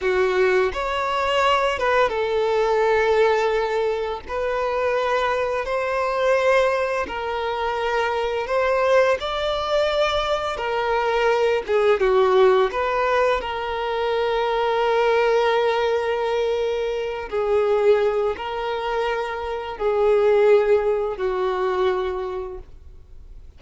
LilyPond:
\new Staff \with { instrumentName = "violin" } { \time 4/4 \tempo 4 = 85 fis'4 cis''4. b'8 a'4~ | a'2 b'2 | c''2 ais'2 | c''4 d''2 ais'4~ |
ais'8 gis'8 fis'4 b'4 ais'4~ | ais'1~ | ais'8 gis'4. ais'2 | gis'2 fis'2 | }